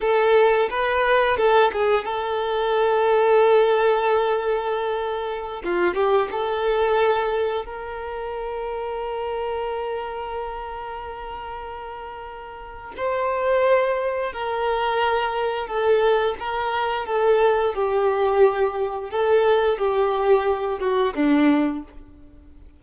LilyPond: \new Staff \with { instrumentName = "violin" } { \time 4/4 \tempo 4 = 88 a'4 b'4 a'8 gis'8 a'4~ | a'1~ | a'16 f'8 g'8 a'2 ais'8.~ | ais'1~ |
ais'2. c''4~ | c''4 ais'2 a'4 | ais'4 a'4 g'2 | a'4 g'4. fis'8 d'4 | }